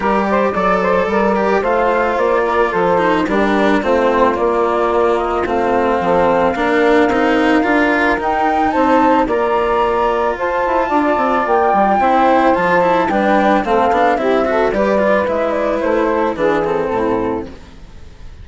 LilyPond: <<
  \new Staff \with { instrumentName = "flute" } { \time 4/4 \tempo 4 = 110 d''2. f''4 | d''4 c''4 ais'4 c''4 | d''4. dis''8 f''2~ | f''2. g''4 |
a''4 ais''2 a''4~ | a''4 g''2 a''4 | g''4 f''4 e''4 d''4 | e''8 d''8 c''4 b'8 a'4. | }
  \new Staff \with { instrumentName = "saxophone" } { \time 4/4 ais'8 c''8 d''8 c''8 ais'4 c''4~ | c''8 ais'8 a'4 g'4 f'4~ | f'2. a'4 | ais'1 |
c''4 d''2 c''4 | d''2 c''2 | b'4 a'4 g'8 a'8 b'4~ | b'4. a'8 gis'4 e'4 | }
  \new Staff \with { instrumentName = "cello" } { \time 4/4 g'4 a'4. g'8 f'4~ | f'4. dis'8 d'4 c'4 | ais2 c'2 | d'4 dis'4 f'4 dis'4~ |
dis'4 f'2.~ | f'2 e'4 f'8 e'8 | d'4 c'8 d'8 e'8 fis'8 g'8 f'8 | e'2 d'8 c'4. | }
  \new Staff \with { instrumentName = "bassoon" } { \time 4/4 g4 fis4 g4 a4 | ais4 f4 g4 a4 | ais2 a4 f4 | ais4 c'4 d'4 dis'4 |
c'4 ais2 f'8 e'8 | d'8 c'8 ais8 g8 c'4 f4 | g4 a8 b8 c'4 g4 | gis4 a4 e4 a,4 | }
>>